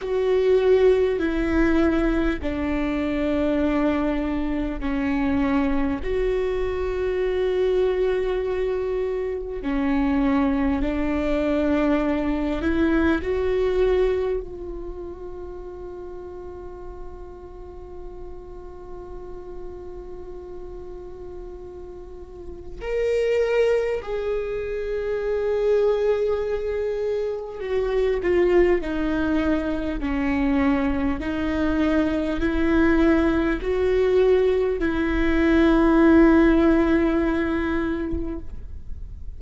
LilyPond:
\new Staff \with { instrumentName = "viola" } { \time 4/4 \tempo 4 = 50 fis'4 e'4 d'2 | cis'4 fis'2. | cis'4 d'4. e'8 fis'4 | f'1~ |
f'2. ais'4 | gis'2. fis'8 f'8 | dis'4 cis'4 dis'4 e'4 | fis'4 e'2. | }